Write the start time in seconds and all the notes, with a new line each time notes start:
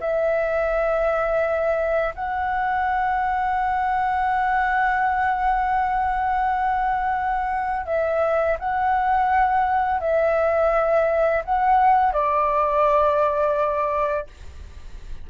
0.00 E5
2.15 F#5
7.86 E5
8.59 F#5
10.00 E5
11.44 F#5
12.13 D5